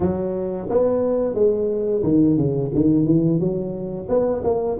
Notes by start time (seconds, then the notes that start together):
0.00 F#3
0.69 B3
1.34 G#3
2.03 D#3
2.37 C#3
2.74 D#3
3.05 E3
3.39 F#3
4.08 B3
4.43 A#3